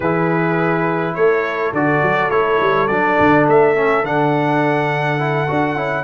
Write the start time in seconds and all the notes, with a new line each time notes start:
0.00 E3 E4 G#4 B4
1.14 A3 A4 C#5
1.72 D3 F#4 D5
2.02 F#3
2.30 A3 E4 C#5
2.60 G3
2.87 F#3 D4 D5
3.19 D3
3.47 A3 E5
3.75 C#4
4.02 D3 D4 F#5
5.19 E4
5.47 D4 F#4
5.75 C#4 E4